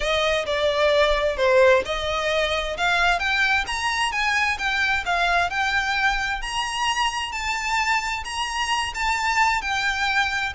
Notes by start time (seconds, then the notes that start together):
0.00 D#5
0.46 D5
1.36 C5
1.85 D#5
2.77 F5
3.19 G5
3.66 A#5
4.12 G#5
4.58 G5
5.05 F5
5.50 G5
6.41 A#5
7.32 A5
8.24 A#5
8.94 A5
9.61 G5